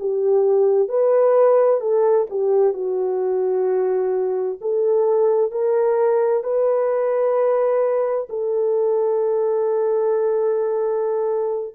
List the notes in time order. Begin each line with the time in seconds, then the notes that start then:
0.00 G4
0.89 B4
1.81 A4
2.30 G4
2.74 F#4
4.61 A4
5.52 A#4
6.44 B4
8.30 A4